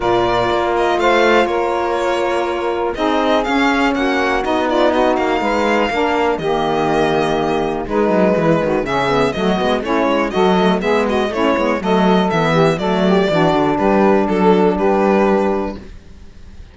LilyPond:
<<
  \new Staff \with { instrumentName = "violin" } { \time 4/4 \tempo 4 = 122 d''4. dis''8 f''4 cis''4~ | cis''2 dis''4 f''4 | fis''4 dis''8 d''8 dis''8 f''4.~ | f''4 dis''2. |
b'2 e''4 dis''4 | cis''4 dis''4 e''8 dis''8 cis''4 | dis''4 e''4 d''2 | b'4 a'4 b'2 | }
  \new Staff \with { instrumentName = "saxophone" } { \time 4/4 ais'2 c''4 ais'4~ | ais'2 gis'2 | fis'4. f'8 fis'4 b'4 | ais'4 g'2. |
dis'4 e'8 fis'8 gis'4 fis'4 | e'4 a'4 gis'8 fis'8 e'4 | a'4. g'8 a'8 g'8 fis'4 | g'4 a'4 g'2 | }
  \new Staff \with { instrumentName = "saxophone" } { \time 4/4 f'1~ | f'2 dis'4 cis'4~ | cis'4 dis'2. | d'4 ais2. |
gis2 cis'8 b8 a8 b8 | cis'4 fis'8 a8 b4 cis'8 b8 | a4 b4 a4 d'4~ | d'1 | }
  \new Staff \with { instrumentName = "cello" } { \time 4/4 ais,4 ais4 a4 ais4~ | ais2 c'4 cis'4 | ais4 b4. ais8 gis4 | ais4 dis2. |
gis8 fis8 e8 dis8 cis4 fis8 gis8 | a8 gis8 fis4 gis4 a8 gis8 | fis4 e4 fis4 e8 d8 | g4 fis4 g2 | }
>>